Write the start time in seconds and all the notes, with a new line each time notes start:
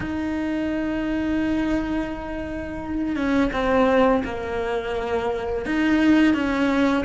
0.00 D#4
3.15 C#4
3.52 C4
4.24 A#3
5.65 D#4
6.33 C#4